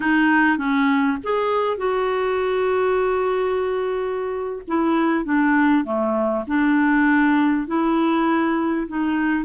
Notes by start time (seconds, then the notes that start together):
0.00 D#4
0.57 C#4
1.23 G#4
1.77 F#4
4.67 E4
5.24 D4
5.84 A3
6.47 D4
7.67 E4
8.87 D#4